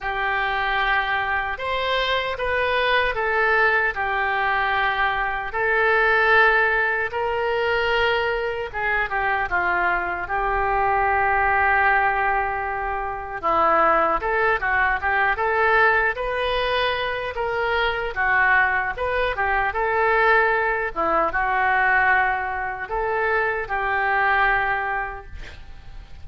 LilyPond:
\new Staff \with { instrumentName = "oboe" } { \time 4/4 \tempo 4 = 76 g'2 c''4 b'4 | a'4 g'2 a'4~ | a'4 ais'2 gis'8 g'8 | f'4 g'2.~ |
g'4 e'4 a'8 fis'8 g'8 a'8~ | a'8 b'4. ais'4 fis'4 | b'8 g'8 a'4. e'8 fis'4~ | fis'4 a'4 g'2 | }